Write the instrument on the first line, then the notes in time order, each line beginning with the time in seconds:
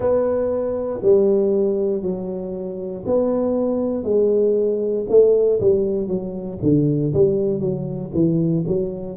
tuba
0.00 B3
1.02 G3
2.02 F#3
3.06 B3
4.03 G#3
5.09 A3
5.60 G3
6.07 F#3
6.62 D3
7.13 G3
7.60 F#3
8.14 E3
8.67 F#3